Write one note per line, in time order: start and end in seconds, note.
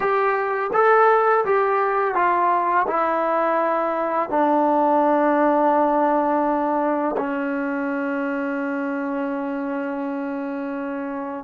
0.00 0.70 G4
0.73 1.44 A4
1.44 2.15 G4
2.15 2.86 F4
2.87 4.29 E4
4.29 7.15 D4
7.17 11.44 C#4